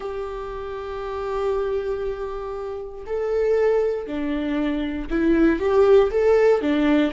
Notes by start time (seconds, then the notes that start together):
0.00 G4
3.06 A4
4.07 D4
5.10 E4
5.59 G4
6.10 A4
6.61 D4